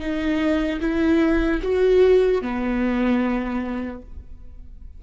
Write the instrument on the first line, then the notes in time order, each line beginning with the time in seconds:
viola
0.00 D#4
0.81 E4
1.63 F#4
2.42 B3